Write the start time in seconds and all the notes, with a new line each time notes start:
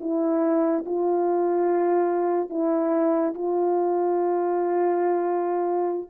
0.00 E4
0.86 F4
2.50 E4
3.35 F4